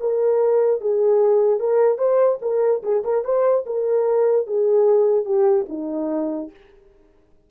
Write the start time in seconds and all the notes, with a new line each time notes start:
0.00 A#4
0.81 G#4
1.60 A#4
1.98 C5
2.42 A#4
2.83 G#4
3.04 A#4
3.24 C5
3.66 A#4
4.47 G#4
5.25 G4
5.69 D#4